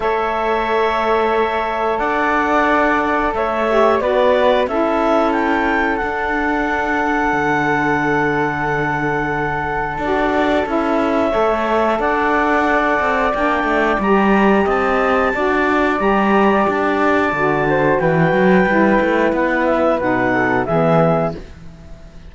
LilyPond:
<<
  \new Staff \with { instrumentName = "clarinet" } { \time 4/4 \tempo 4 = 90 e''2. fis''4~ | fis''4 e''4 d''4 e''4 | g''4 fis''2.~ | fis''2. d''4 |
e''2 fis''2 | g''4 ais''4 a''2 | ais''4 a''2 g''4~ | g''4 fis''8 e''8 fis''4 e''4 | }
  \new Staff \with { instrumentName = "flute" } { \time 4/4 cis''2. d''4~ | d''4 cis''4 b'4 a'4~ | a'1~ | a'1~ |
a'4 cis''4 d''2~ | d''2 dis''4 d''4~ | d''2~ d''8 c''8 b'4~ | b'2~ b'8 a'8 gis'4 | }
  \new Staff \with { instrumentName = "saxophone" } { \time 4/4 a'1~ | a'4. g'8 fis'4 e'4~ | e'4 d'2.~ | d'2. fis'4 |
e'4 a'2. | d'4 g'2 fis'4 | g'2 fis'2 | e'2 dis'4 b4 | }
  \new Staff \with { instrumentName = "cello" } { \time 4/4 a2. d'4~ | d'4 a4 b4 cis'4~ | cis'4 d'2 d4~ | d2. d'4 |
cis'4 a4 d'4. c'8 | ais8 a8 g4 c'4 d'4 | g4 d'4 d4 e8 fis8 | g8 a8 b4 b,4 e4 | }
>>